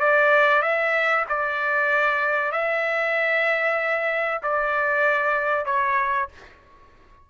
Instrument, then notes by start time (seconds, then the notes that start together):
trumpet
0.00 D5
0.62 E5
1.29 D5
2.52 E5
4.43 D5
5.66 C#5